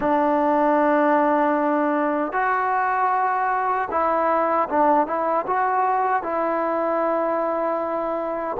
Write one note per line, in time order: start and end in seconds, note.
0.00 2.32 D4
2.32 3.88 F#4
3.90 4.68 E4
4.69 5.06 D4
5.06 5.45 E4
5.46 6.23 F#4
6.23 8.56 E4